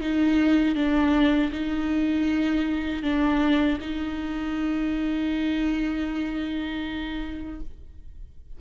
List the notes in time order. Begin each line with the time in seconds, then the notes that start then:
0.00 D#4
0.75 D4
1.52 D#4
3.02 D4
3.80 D#4